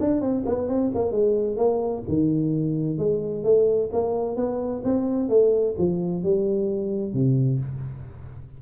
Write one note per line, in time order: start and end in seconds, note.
0.00 0.21 D4
0.21 0.44 C4
0.46 0.68 B3
0.68 0.91 C4
0.94 1.11 A#3
1.11 1.57 G#3
1.57 2.03 A#3
2.08 2.98 D#3
2.98 3.43 G#3
3.43 3.90 A3
3.92 4.36 A#3
4.36 4.82 B3
4.84 5.29 C4
5.29 5.75 A3
5.78 6.23 F3
6.23 7.13 G3
7.13 7.59 C3